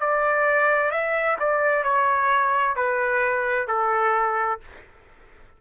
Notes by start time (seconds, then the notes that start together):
0.00 D5
0.91 E5
1.40 D5
1.83 C#5
2.76 B4
3.68 A4